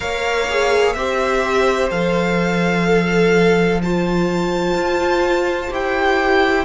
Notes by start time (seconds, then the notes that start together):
0.00 A#3 A#4 C#5 F5
0.48 G#4
0.93 C4 G4 C5 E5
1.90 F3 A4 F5
2.87 A4
3.82 F4 C5 A5
4.74 F4
5.70 E4 G4 G5